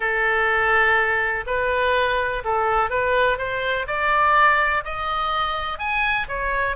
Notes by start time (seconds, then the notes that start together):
0.00 A4
1.46 B4
2.44 A4
2.89 B4
3.38 C5
3.87 D5
4.84 D#5
5.78 G#5
6.28 C#5